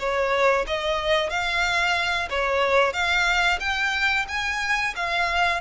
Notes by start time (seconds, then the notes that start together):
0.00 C#5
0.67 D#5
1.30 F5
2.30 C#5
2.93 F5
3.60 G5
4.29 G#5
4.96 F5